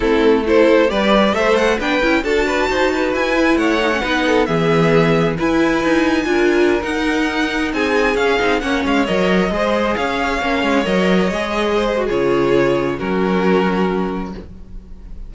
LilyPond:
<<
  \new Staff \with { instrumentName = "violin" } { \time 4/4 \tempo 4 = 134 a'4 c''4 d''4 e''8 fis''8 | g''4 a''2 gis''4 | fis''2 e''2 | gis''2.~ gis''16 fis''8.~ |
fis''4~ fis''16 gis''4 f''4 fis''8 f''16~ | f''16 dis''2 f''4.~ f''16~ | f''16 dis''2~ dis''8. cis''4~ | cis''4 ais'2. | }
  \new Staff \with { instrumentName = "violin" } { \time 4/4 e'4 a'4 b'4 c''4 | b'4 a'8 b'8 c''8 b'4. | cis''4 b'8 a'8 gis'2 | b'2 ais'2~ |
ais'4~ ais'16 gis'2 cis''8.~ | cis''4~ cis''16 c''4 cis''4.~ cis''16~ | cis''2~ cis''16 c''8. gis'4~ | gis'4 fis'2. | }
  \new Staff \with { instrumentName = "viola" } { \time 4/4 c'4 e'4 g'4 a'4 | d'8 e'8 fis'2~ fis'8 e'8~ | e'8 dis'16 cis'16 dis'4 b2 | e'2 f'4~ f'16 dis'8.~ |
dis'2~ dis'16 cis'8 dis'8 cis'8.~ | cis'16 ais'4 gis'2 cis'8.~ | cis'16 ais'4 gis'4. fis'16 f'4~ | f'4 cis'2. | }
  \new Staff \with { instrumentName = "cello" } { \time 4/4 a2 g4 a4 | b8 cis'8 d'4 dis'4 e'4 | a4 b4 e2 | e'4 dis'4 d'4~ d'16 dis'8.~ |
dis'4~ dis'16 c'4 cis'8 c'8 ais8 gis16~ | gis16 fis4 gis4 cis'4 ais8 gis16~ | gis16 fis4 gis4.~ gis16 cis4~ | cis4 fis2. | }
>>